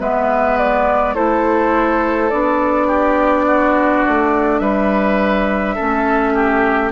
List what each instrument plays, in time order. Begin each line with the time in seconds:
0.00 bassoon G#3, clarinet B3, oboe B4, flute E5
0.57 flute D5
1.15 bassoon A3, clarinet E4, oboe A4, flute C5
2.30 bassoon B3, clarinet D4, flute D5
2.87 oboe G4
3.46 oboe F#4
4.08 bassoon A3
4.59 bassoon G3, oboe B4, flute E5
5.75 clarinet C#4, oboe A4
5.81 bassoon A3
6.35 oboe G4